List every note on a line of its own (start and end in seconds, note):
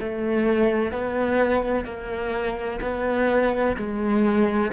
0.00 0.92 A3
0.92 1.85 B3
1.85 2.80 A#3
2.81 3.77 B3
3.77 4.72 G#3